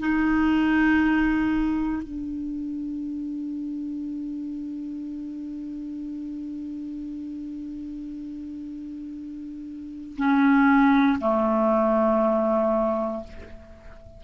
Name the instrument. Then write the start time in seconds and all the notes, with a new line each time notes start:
clarinet
0.00 D#4
2.03 D4
10.17 C#4
11.20 A3